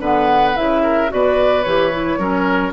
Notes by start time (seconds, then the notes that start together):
0.00 D3 B3 B4 F#5
0.56 C#3 E4 E5
0.84 A#4
1.09 B2 F#4 B4 D5
1.64 E3 G4 C#5
1.92 E4
2.19 F#3 C#4 A#4